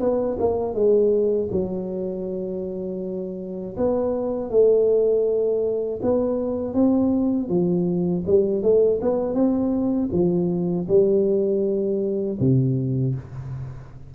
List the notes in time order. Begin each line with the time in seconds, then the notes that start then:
0.00 B3
0.39 A#3
0.74 G#3
1.51 F#3
3.77 B3
4.50 A3
6.02 B3
6.74 C4
7.49 F3
8.27 G3
8.62 A3
9.02 B3
9.34 C4
10.12 F3
10.89 G3
12.40 C3